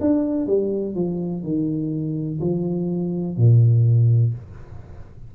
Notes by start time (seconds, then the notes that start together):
0.00 D4
0.46 G3
0.95 F3
1.43 D#3
2.40 F3
3.37 A#2